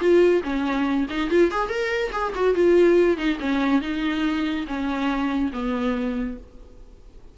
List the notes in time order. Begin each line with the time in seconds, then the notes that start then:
0.00 F4
0.44 C#4
1.10 D#4
1.31 F4
1.52 G#4
1.69 A#4
2.12 G#4
2.36 F#4
2.55 F4
3.18 D#4
3.40 C#4
3.82 D#4
4.67 C#4
5.53 B3